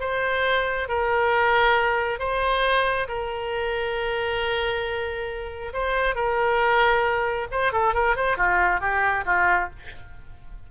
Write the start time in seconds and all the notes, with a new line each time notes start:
0.00 C5
0.88 A#4
2.19 C5
3.08 A#4
5.73 C5
6.15 A#4
7.51 C5
7.72 A4
7.94 A#4
8.16 C5
8.37 F4
8.80 G4
9.25 F4